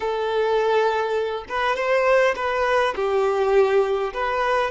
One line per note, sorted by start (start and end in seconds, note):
0.00 1.44 A4
1.48 1.76 B4
1.76 2.34 C5
2.35 2.94 B4
2.95 4.13 G4
4.13 4.70 B4